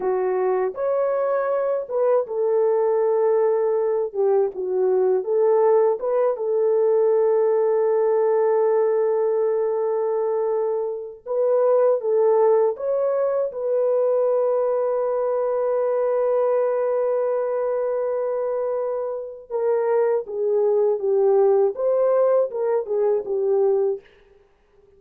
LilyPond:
\new Staff \with { instrumentName = "horn" } { \time 4/4 \tempo 4 = 80 fis'4 cis''4. b'8 a'4~ | a'4. g'8 fis'4 a'4 | b'8 a'2.~ a'8~ | a'2. b'4 |
a'4 cis''4 b'2~ | b'1~ | b'2 ais'4 gis'4 | g'4 c''4 ais'8 gis'8 g'4 | }